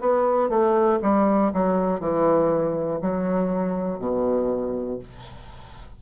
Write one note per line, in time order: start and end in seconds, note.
0.00 0.49 B3
0.49 0.99 A3
1.01 1.51 G3
1.53 2.00 F#3
2.00 3.00 E3
3.01 3.98 F#3
3.98 4.98 B2